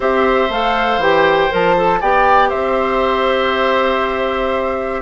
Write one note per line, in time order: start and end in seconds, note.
0.00 0.49 C4
0.00 0.50 G4
0.00 1.99 C5
0.00 0.51 E5
0.49 0.97 A3
0.49 1.01 A4
0.49 1.02 F5
0.97 1.48 E3
0.97 1.50 G4
0.97 1.52 G5
1.50 2.01 F3
1.50 1.75 A#4
1.50 2.01 A5
1.76 2.02 A4
2.00 2.52 B3
2.00 5.01 G4
2.00 2.49 D5
2.00 2.49 G5
2.49 5.01 C4
2.49 5.01 C5
2.49 5.01 E5